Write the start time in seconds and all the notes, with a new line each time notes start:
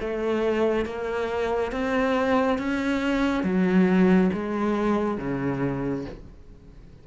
0.00 A3
0.85 A#3
1.72 C4
2.58 C#4
3.43 F#3
4.33 G#3
5.18 C#3